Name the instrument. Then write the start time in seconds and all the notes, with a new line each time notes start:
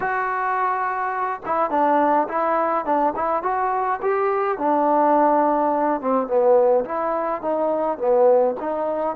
trombone
0.00 F#4
1.45 E4
1.70 D4
2.28 E4
2.85 D4
3.15 E4
3.42 F#4
4.02 G4
4.58 D4
6.00 C4
6.27 B3
6.84 E4
7.41 D#4
7.97 B3
8.59 D#4